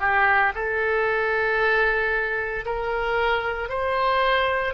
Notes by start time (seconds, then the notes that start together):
0.00 G4
0.55 A4
2.66 A#4
3.69 C5